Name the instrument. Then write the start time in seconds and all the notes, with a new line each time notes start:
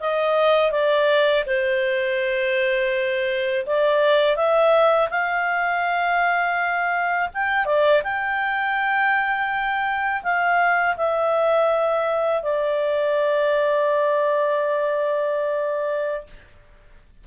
clarinet
0.00 D#5
0.72 D5
1.46 C5
3.67 D5
4.36 E5
5.10 F5
7.34 G5
7.66 D5
8.04 G5
10.23 F5
10.97 E5
12.43 D5